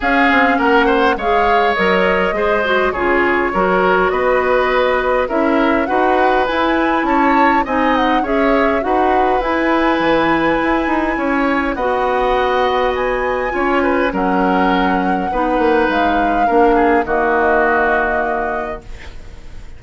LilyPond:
<<
  \new Staff \with { instrumentName = "flute" } { \time 4/4 \tempo 4 = 102 f''4 fis''4 f''4 dis''4~ | dis''4 cis''2 dis''4~ | dis''4 e''4 fis''4 gis''4 | a''4 gis''8 fis''8 e''4 fis''4 |
gis''1 | fis''2 gis''2 | fis''2. f''4~ | f''4 dis''2. | }
  \new Staff \with { instrumentName = "oboe" } { \time 4/4 gis'4 ais'8 c''8 cis''2 | c''4 gis'4 ais'4 b'4~ | b'4 ais'4 b'2 | cis''4 dis''4 cis''4 b'4~ |
b'2. cis''4 | dis''2. cis''8 b'8 | ais'2 b'2 | ais'8 gis'8 fis'2. | }
  \new Staff \with { instrumentName = "clarinet" } { \time 4/4 cis'2 gis'4 ais'4 | gis'8 fis'8 f'4 fis'2~ | fis'4 e'4 fis'4 e'4~ | e'4 dis'4 gis'4 fis'4 |
e'1 | fis'2. f'4 | cis'2 dis'2 | d'4 ais2. | }
  \new Staff \with { instrumentName = "bassoon" } { \time 4/4 cis'8 c'8 ais4 gis4 fis4 | gis4 cis4 fis4 b4~ | b4 cis'4 dis'4 e'4 | cis'4 c'4 cis'4 dis'4 |
e'4 e4 e'8 dis'8 cis'4 | b2. cis'4 | fis2 b8 ais8 gis4 | ais4 dis2. | }
>>